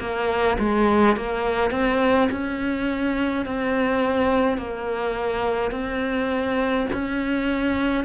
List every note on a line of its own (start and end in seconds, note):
0.00 0.58 A#3
0.59 1.16 G#3
1.16 1.71 A#3
1.71 2.29 C4
2.31 3.46 C#4
3.46 4.57 C4
4.57 5.71 A#3
5.71 6.87 C4
6.93 8.05 C#4